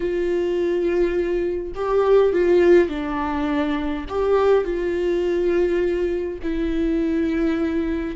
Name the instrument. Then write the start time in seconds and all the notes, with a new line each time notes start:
viola
0.00 F4
1.74 G4
2.32 F4
2.88 D4
4.09 G4
4.64 F4
6.42 E4